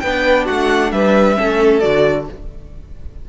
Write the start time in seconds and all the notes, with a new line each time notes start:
0.00 B3 D4 B4 G5
0.46 A3 F#4 F#5
0.92 G3 B4 E5
1.36 A3 C#4 A4
1.80 D3 F#4 D5